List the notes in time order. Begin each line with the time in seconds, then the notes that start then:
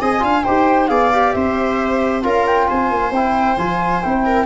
0.00 C4 G#4 D#5 G#5
0.20 D4 F4 F5
0.44 D#4 G4 C5 G5
0.88 B3 G#4 D5 F5
1.12 G4
1.32 C4 C5 E5
2.22 C#4 F4 A#4 F5
2.46 G5
2.68 C4 C5 G#5
2.91 A#3
3.11 C4 E4 G5
3.57 F3 F4 G#5
4.02 C4 E4 G5
4.25 A#4